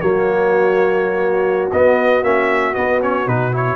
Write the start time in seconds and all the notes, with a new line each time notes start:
0.00 F#3 A#3 F#4 C#5
1.71 B3 D#5
2.22 A#3 C#4 E5
2.73 B3 D#5
3.00 C#4 C#5
3.26 B2 D#4 B4
3.52 E4 C#5